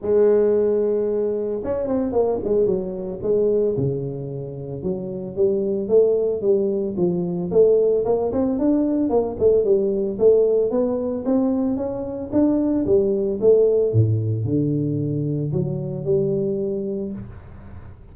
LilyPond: \new Staff \with { instrumentName = "tuba" } { \time 4/4 \tempo 4 = 112 gis2. cis'8 c'8 | ais8 gis8 fis4 gis4 cis4~ | cis4 fis4 g4 a4 | g4 f4 a4 ais8 c'8 |
d'4 ais8 a8 g4 a4 | b4 c'4 cis'4 d'4 | g4 a4 a,4 d4~ | d4 fis4 g2 | }